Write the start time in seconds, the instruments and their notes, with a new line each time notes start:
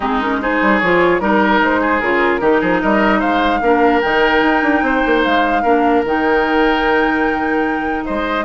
0.00 bassoon G#3, clarinet C4, oboe D#4, flute G#4
0.21 clarinet C#4, flute A#4
0.41 clarinet D#4, oboe G#4, flute C5
0.61 bassoon G3
0.79 bassoon F3, clarinet F4, flute C#5
1.19 bassoon G3, clarinet D#4, flute A#4, oboe A#4
1.61 bassoon G#3, flute C5
1.80 oboe G#4
2.00 bassoon C#3, clarinet F4, flute A#4
2.40 bassoon D#3, clarinet D#4, oboe G4
2.61 bassoon F3, oboe G#4
2.81 bassoon G3, oboe A#4, flute D#5
3.19 bassoon G#3, oboe C5, flute F5
3.61 bassoon A#3, clarinet D4, oboe A#4
4.01 bassoon D#3, clarinet D#4, flute G5
4.42 bassoon D#4
4.62 bassoon D4
4.82 bassoon C4, oboe C5
5.06 bassoon A#3
5.23 bassoon G#3, flute F5
5.62 bassoon A#3, clarinet D4, oboe A#4
6.04 bassoon D#3, clarinet D#4, flute G5
8.05 bassoon G#3, oboe C5, flute D#5